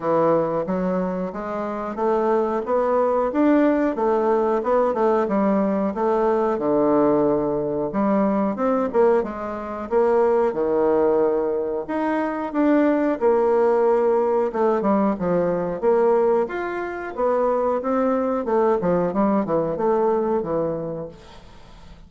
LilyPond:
\new Staff \with { instrumentName = "bassoon" } { \time 4/4 \tempo 4 = 91 e4 fis4 gis4 a4 | b4 d'4 a4 b8 a8 | g4 a4 d2 | g4 c'8 ais8 gis4 ais4 |
dis2 dis'4 d'4 | ais2 a8 g8 f4 | ais4 f'4 b4 c'4 | a8 f8 g8 e8 a4 e4 | }